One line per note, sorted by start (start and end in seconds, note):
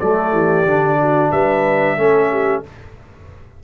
0.00 0.33 F#3
0.00 0.67 A3
0.00 0.32 A4
0.00 1.32 D5
0.32 0.66 E3
0.32 0.98 G4
0.66 1.32 D3
0.66 1.98 D4
1.01 1.31 F#4
1.31 1.98 G3
1.31 1.97 B4
1.31 2.63 E5
1.98 2.63 A3
1.98 2.64 C#4
1.98 2.30 A4
2.31 2.64 G4